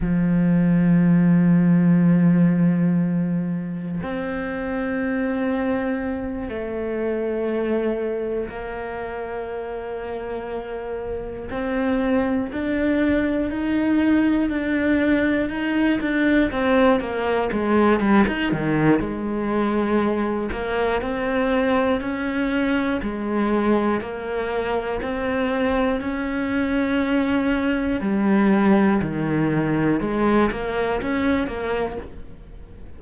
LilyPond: \new Staff \with { instrumentName = "cello" } { \time 4/4 \tempo 4 = 60 f1 | c'2~ c'8 a4.~ | a8 ais2. c'8~ | c'8 d'4 dis'4 d'4 dis'8 |
d'8 c'8 ais8 gis8 g16 dis'16 dis8 gis4~ | gis8 ais8 c'4 cis'4 gis4 | ais4 c'4 cis'2 | g4 dis4 gis8 ais8 cis'8 ais8 | }